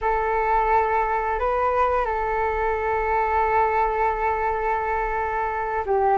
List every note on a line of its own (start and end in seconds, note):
0.01 1.39 A4
1.39 2.05 B4
2.05 5.84 A4
5.85 6.17 G4